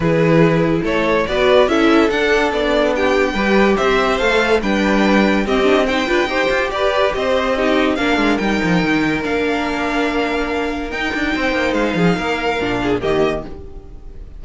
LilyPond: <<
  \new Staff \with { instrumentName = "violin" } { \time 4/4 \tempo 4 = 143 b'2 cis''4 d''4 | e''4 fis''4 d''4 g''4~ | g''4 e''4 f''4 g''4~ | g''4 dis''4 g''2 |
d''4 dis''2 f''4 | g''2 f''2~ | f''2 g''2 | f''2. dis''4 | }
  \new Staff \with { instrumentName = "violin" } { \time 4/4 gis'2 a'4 b'4 | a'2. g'4 | b'4 c''2 b'4~ | b'4 g'4 c''8 b'8 c''4 |
b'4 c''4 g'4 ais'4~ | ais'1~ | ais'2. c''4~ | c''8 gis'8 ais'4. gis'8 g'4 | }
  \new Staff \with { instrumentName = "viola" } { \time 4/4 e'2. fis'4 | e'4 d'2. | g'2 a'4 d'4~ | d'4 c'8 d'8 dis'8 f'8 g'4~ |
g'2 dis'4 d'4 | dis'2 d'2~ | d'2 dis'2~ | dis'2 d'4 ais4 | }
  \new Staff \with { instrumentName = "cello" } { \time 4/4 e2 a4 b4 | cis'4 d'4 b2 | g4 c'4 a4 g4~ | g4 c'4. d'8 dis'8 f'8 |
g'4 c'2 ais8 gis8 | g8 f8 dis4 ais2~ | ais2 dis'8 d'8 c'8 ais8 | gis8 f8 ais4 ais,4 dis4 | }
>>